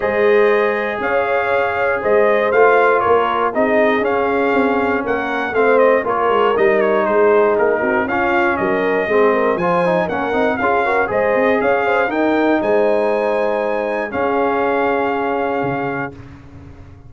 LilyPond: <<
  \new Staff \with { instrumentName = "trumpet" } { \time 4/4 \tempo 4 = 119 dis''2 f''2 | dis''4 f''4 cis''4 dis''4 | f''2 fis''4 f''8 dis''8 | cis''4 dis''8 cis''8 c''4 ais'4 |
f''4 dis''2 gis''4 | fis''4 f''4 dis''4 f''4 | g''4 gis''2. | f''1 | }
  \new Staff \with { instrumentName = "horn" } { \time 4/4 c''2 cis''2 | c''2 ais'4 gis'4~ | gis'2 ais'4 c''4 | ais'2 gis'4. fis'8 |
f'4 ais'4 gis'8 ais'8 c''4 | ais'4 gis'8 ais'8 c''4 cis''8 c''8 | ais'4 c''2. | gis'1 | }
  \new Staff \with { instrumentName = "trombone" } { \time 4/4 gis'1~ | gis'4 f'2 dis'4 | cis'2. c'4 | f'4 dis'2. |
cis'2 c'4 f'8 dis'8 | cis'8 dis'8 f'8 fis'8 gis'2 | dis'1 | cis'1 | }
  \new Staff \with { instrumentName = "tuba" } { \time 4/4 gis2 cis'2 | gis4 a4 ais4 c'4 | cis'4 c'4 ais4 a4 | ais8 gis8 g4 gis4 ais8 c'8 |
cis'4 fis4 gis4 f4 | ais8 c'8 cis'4 gis8 c'8 cis'4 | dis'4 gis2. | cis'2. cis4 | }
>>